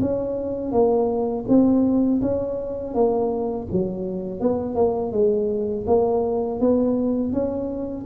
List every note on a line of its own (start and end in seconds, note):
0.00 0.72 C#4
0.72 1.45 A#3
1.48 2.21 C4
2.21 2.94 C#4
2.94 3.67 A#3
3.72 4.40 F#3
4.40 4.75 B3
4.75 5.12 A#3
5.12 5.85 G#3
5.86 6.60 A#3
6.60 7.32 B3
7.32 8.06 C#4